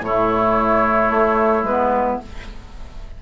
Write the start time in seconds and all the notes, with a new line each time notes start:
0.00 A2 A3 E4 C#5
1.10 A3
1.62 G#3 B3 B4